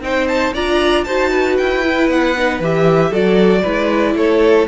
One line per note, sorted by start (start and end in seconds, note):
0.00 0.52 C4
0.00 0.54 D#4
0.00 0.53 C5
0.00 0.27 G5
0.27 0.53 A5
0.53 1.05 D4
0.53 1.07 F4
0.53 1.05 D5
0.53 1.04 A#5
1.04 1.58 D#4
1.04 1.84 F#4
1.04 1.30 C5
1.04 1.55 A5
1.30 3.09 B4
1.57 2.08 E4
1.57 2.09 G5
1.84 2.35 E4
2.08 2.59 B3
2.08 2.61 F#5
2.36 2.62 D#4
2.59 3.11 E3
2.59 3.11 G4
2.59 3.13 E5
3.09 3.63 F#3
3.09 3.63 F#4
3.09 3.61 A4
3.09 4.17 D5
3.62 4.14 G#3
3.62 4.67 E4
3.62 4.14 B4
4.14 4.66 A3
4.14 4.67 A4
4.14 4.67 C#5